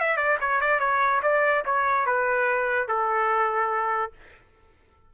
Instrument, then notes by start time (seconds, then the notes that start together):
trumpet
0.00 E5
0.17 D5
0.41 C#5
0.61 D5
0.80 C#5
1.23 D5
1.65 C#5
2.06 B4
2.88 A4